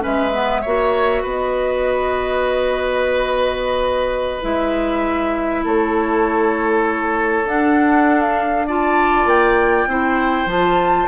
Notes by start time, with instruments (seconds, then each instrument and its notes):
0.00 clarinet C#4, oboe B4, flute E5
0.06 bassoon G#3
0.33 clarinet B3
0.62 bassoon A#3, clarinet F#4, oboe C#5
1.22 bassoon B3, oboe B4, flute D#5
4.42 bassoon G#3, clarinet E4, flute E5
5.64 bassoon A3, oboe A4, flute C#5
7.45 bassoon D4, clarinet D4, flute F#5
8.21 flute F5
8.67 clarinet F4, oboe D5, flute A5
9.26 bassoon A#3, flute G5
9.87 bassoon C4, clarinet E4, oboe C5
10.46 bassoon F3, clarinet F4, flute A5